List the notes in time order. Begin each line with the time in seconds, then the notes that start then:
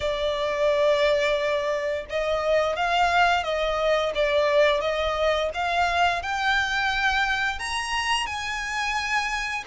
0.00 D5
2.09 D#5
2.76 F5
3.43 D#5
4.14 D5
4.81 D#5
5.54 F5
6.22 G5
7.59 A#5
8.26 G#5